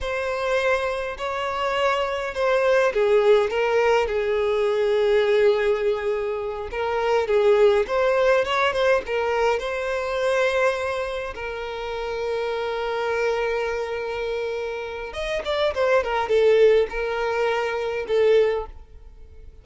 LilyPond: \new Staff \with { instrumentName = "violin" } { \time 4/4 \tempo 4 = 103 c''2 cis''2 | c''4 gis'4 ais'4 gis'4~ | gis'2.~ gis'8 ais'8~ | ais'8 gis'4 c''4 cis''8 c''8 ais'8~ |
ais'8 c''2. ais'8~ | ais'1~ | ais'2 dis''8 d''8 c''8 ais'8 | a'4 ais'2 a'4 | }